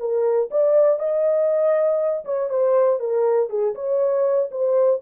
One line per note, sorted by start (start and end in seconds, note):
0.00 0.50 A#4
0.51 1.00 D5
1.00 2.25 D#5
2.25 2.50 C#5
2.50 3.00 C5
3.00 3.50 A#4
3.50 3.75 G#4
3.75 4.50 C#5
4.52 5.02 C5